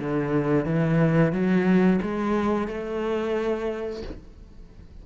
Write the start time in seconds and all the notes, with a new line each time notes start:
0.00 D3
0.66 E3
1.33 F#3
2.03 G#3
2.68 A3